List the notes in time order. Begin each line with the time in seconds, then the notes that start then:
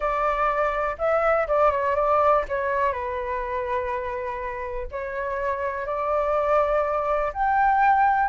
0.00 D5
0.98 E5
1.47 D5
1.71 C#5
1.95 D5
2.48 C#5
2.92 B4
4.91 C#5
5.85 D5
7.33 G5